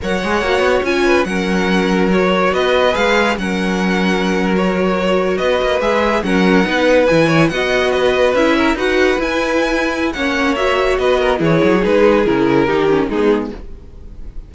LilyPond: <<
  \new Staff \with { instrumentName = "violin" } { \time 4/4 \tempo 4 = 142 fis''2 gis''4 fis''4~ | fis''4 cis''4 dis''4 f''4 | fis''2~ fis''8. cis''4~ cis''16~ | cis''8. dis''4 e''4 fis''4~ fis''16~ |
fis''8. gis''4 fis''4 dis''4 e''16~ | e''8. fis''4 gis''2~ gis''16 | fis''4 e''4 dis''4 cis''4 | b'4 ais'2 gis'4 | }
  \new Staff \with { instrumentName = "violin" } { \time 4/4 cis''2~ cis''8 b'8 ais'4~ | ais'2 b'2 | ais'1~ | ais'8. b'2 ais'4 b'16~ |
b'4~ b'16 cis''8 dis''4 b'4~ b'16~ | b'16 ais'8 b'2.~ b'16 | cis''2 b'8 ais'8 gis'4~ | gis'2 g'4 dis'4 | }
  \new Staff \with { instrumentName = "viola" } { \time 4/4 ais'8 gis'8 fis'4 f'4 cis'4~ | cis'4 fis'2 gis'4 | cis'2~ cis'8. fis'4~ fis'16~ | fis'4.~ fis'16 gis'4 cis'4 dis'16~ |
dis'8. e'4 fis'2 e'16~ | e'8. fis'4 e'2~ e'16 | cis'4 fis'2 e'4 | dis'4 e'4 dis'8 cis'8 b4 | }
  \new Staff \with { instrumentName = "cello" } { \time 4/4 fis8 gis8 ais8 b8 cis'4 fis4~ | fis2 b4 gis4 | fis1~ | fis8. b8 ais8 gis4 fis4 b16~ |
b8. e4 b2 cis'16~ | cis'8. dis'4 e'2~ e'16 | ais2 b4 e8 fis8 | gis4 cis4 dis4 gis4 | }
>>